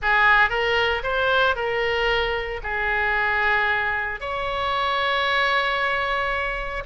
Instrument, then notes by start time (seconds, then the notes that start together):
oboe
0.01 G#4
0.49 A#4
1.03 C5
1.55 A#4
2.63 G#4
4.20 C#5